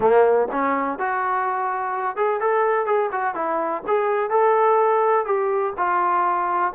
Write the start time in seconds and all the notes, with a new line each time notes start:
0.00 A#3
0.51 C#4
0.99 F#4
2.16 G#4
2.40 A4
2.85 G#4
3.12 F#4
3.35 E4
3.87 G#4
4.30 A4
5.25 G4
5.77 F4